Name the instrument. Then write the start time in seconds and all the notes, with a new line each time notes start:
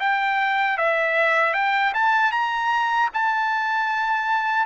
trumpet
0.00 G5
0.78 E5
1.54 G5
1.94 A5
2.32 A#5
3.13 A5